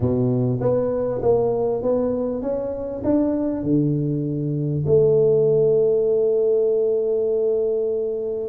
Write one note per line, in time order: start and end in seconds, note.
0.00 0.59 B2
0.60 1.21 B3
1.21 1.82 A#3
1.82 2.41 B3
2.41 3.02 C#4
3.03 3.63 D4
3.63 4.84 D3
4.86 8.48 A3